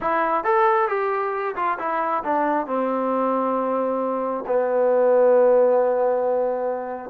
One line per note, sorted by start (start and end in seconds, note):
0.00 0.43 E4
0.43 0.88 A4
0.88 1.55 G4
1.55 1.78 F4
1.78 2.23 E4
2.24 2.66 D4
2.66 4.44 C4
4.46 7.10 B3